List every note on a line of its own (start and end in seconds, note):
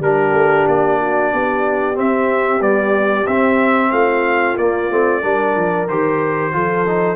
0.00 0.33 G3
0.00 1.95 D4
0.00 1.01 G4
0.00 0.68 A#4
0.33 0.65 A3
0.68 1.33 A#3
0.68 1.99 D5
1.01 1.33 F#4
1.34 1.98 B3
1.34 3.92 G4
1.95 2.60 C4
1.95 2.61 C4
1.95 2.63 E5
2.61 3.27 G3
2.61 3.26 B3
2.61 3.27 D5
3.27 3.92 C4
3.27 4.59 C4
3.27 3.92 E5
3.92 4.57 A3
3.92 5.23 F4
3.92 4.57 F5
4.57 4.90 A#3
4.57 4.91 A#3
4.57 5.88 D5
4.91 5.24 A3
4.91 5.22 C4
5.22 5.57 G3
5.22 5.87 D4
5.22 6.53 A#4
5.57 5.89 F3
5.89 6.54 D#3
5.89 6.53 G4
5.89 7.17 C5
6.53 7.17 F3
6.53 6.86 F4
6.53 7.17 A4
6.88 7.17 D#4